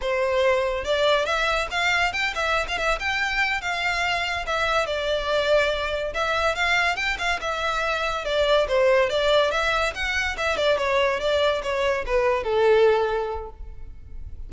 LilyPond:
\new Staff \with { instrumentName = "violin" } { \time 4/4 \tempo 4 = 142 c''2 d''4 e''4 | f''4 g''8 e''8. f''16 e''8 g''4~ | g''8 f''2 e''4 d''8~ | d''2~ d''8 e''4 f''8~ |
f''8 g''8 f''8 e''2 d''8~ | d''8 c''4 d''4 e''4 fis''8~ | fis''8 e''8 d''8 cis''4 d''4 cis''8~ | cis''8 b'4 a'2~ a'8 | }